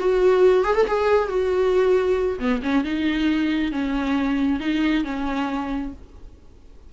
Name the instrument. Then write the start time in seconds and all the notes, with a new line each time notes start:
viola
0.00 F#4
0.64 G#4
0.75 A4
0.87 G#4
1.29 F#4
2.39 B3
2.63 C#4
2.84 D#4
3.72 C#4
4.60 D#4
5.04 C#4